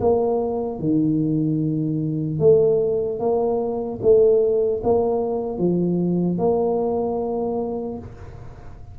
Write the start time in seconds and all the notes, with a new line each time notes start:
0.00 A#3
0.79 D#3
2.39 A3
3.19 A#3
4.02 A3
4.83 A#3
5.58 F3
6.38 A#3